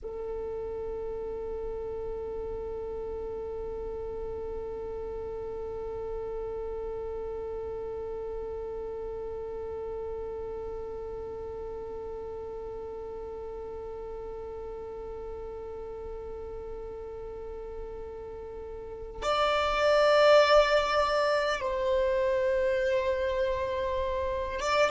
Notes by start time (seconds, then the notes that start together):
0.02 A4
19.22 D5
21.61 C5
24.60 D5